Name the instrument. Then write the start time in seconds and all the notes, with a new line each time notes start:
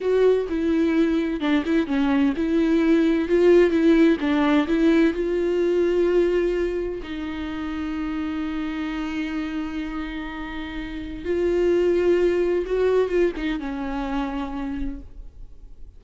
viola
0.00 F#4
0.49 E4
1.40 D4
1.65 E4
1.86 C#4
2.36 E4
3.28 F4
3.70 E4
4.20 D4
4.67 E4
5.13 F4
7.02 D#4
11.24 F4
12.66 F#4
13.08 F4
13.37 D#4
13.59 C#4